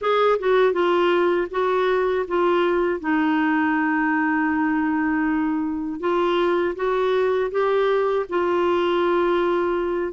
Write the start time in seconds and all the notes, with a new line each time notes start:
0.01 G#4
0.39 F#4
0.72 F4
1.50 F#4
2.27 F4
3.00 D#4
6.00 F4
6.75 F#4
7.51 G4
8.29 F4